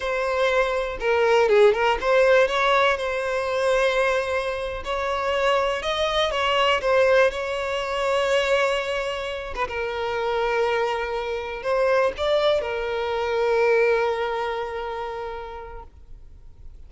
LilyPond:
\new Staff \with { instrumentName = "violin" } { \time 4/4 \tempo 4 = 121 c''2 ais'4 gis'8 ais'8 | c''4 cis''4 c''2~ | c''4.~ c''16 cis''2 dis''16~ | dis''8. cis''4 c''4 cis''4~ cis''16~ |
cis''2.~ cis''16 b'16 ais'8~ | ais'2.~ ais'8 c''8~ | c''8 d''4 ais'2~ ais'8~ | ais'1 | }